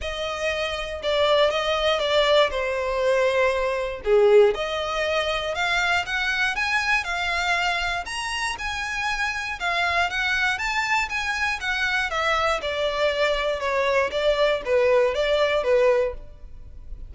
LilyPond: \new Staff \with { instrumentName = "violin" } { \time 4/4 \tempo 4 = 119 dis''2 d''4 dis''4 | d''4 c''2. | gis'4 dis''2 f''4 | fis''4 gis''4 f''2 |
ais''4 gis''2 f''4 | fis''4 a''4 gis''4 fis''4 | e''4 d''2 cis''4 | d''4 b'4 d''4 b'4 | }